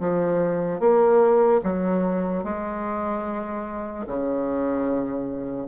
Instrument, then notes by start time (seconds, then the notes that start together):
bassoon
0.00 F3
0.80 A#3
1.63 F#3
2.44 G#3
4.07 C#3